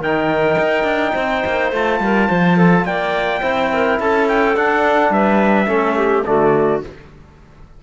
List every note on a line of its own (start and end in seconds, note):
0.00 0.57 D#3
0.00 1.74 D#4
0.00 1.13 A#4
0.00 1.72 G5
0.59 0.84 D#4
0.84 1.12 D4
1.14 1.44 C4
1.14 1.99 C5
1.46 1.72 A#3
1.72 2.00 A3
1.72 3.42 F4
1.72 2.86 A5
2.00 2.28 G3
2.00 2.29 A#4
2.29 2.85 F3
2.29 2.57 C5
2.57 2.85 A4
2.85 3.42 A#3
2.85 3.41 D5
2.85 3.99 G5
3.41 3.99 C4
3.41 4.55 E4
3.41 3.70 C5
3.73 4.01 A#4
4.00 4.57 C#4
4.00 5.14 A4
4.00 4.28 A5
4.29 4.57 G5
4.55 5.67 D4
4.55 5.10 D4
4.55 5.13 F#5
5.10 5.67 G3
5.10 5.68 B4
5.10 6.25 E5
5.67 6.25 A3
5.67 6.24 C#4
5.67 5.97 A4
5.97 6.25 G4
6.25 6.84 D3
6.25 6.82 A3
6.25 6.83 F#4
6.25 6.82 D5